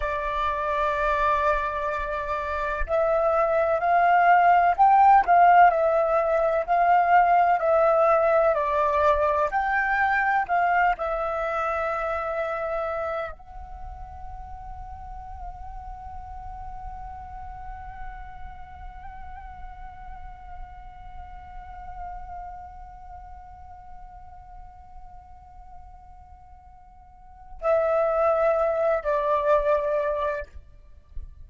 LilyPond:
\new Staff \with { instrumentName = "flute" } { \time 4/4 \tempo 4 = 63 d''2. e''4 | f''4 g''8 f''8 e''4 f''4 | e''4 d''4 g''4 f''8 e''8~ | e''2 fis''2~ |
fis''1~ | fis''1~ | fis''1~ | fis''4 e''4. d''4. | }